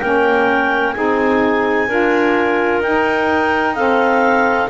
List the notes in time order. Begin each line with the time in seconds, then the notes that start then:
0.00 A#3 C#4 A#4 G5
0.92 C4 D#4 G#4 G#5
1.88 D4 F4 A#4
2.80 D#4 G5
3.75 C4 A4 F5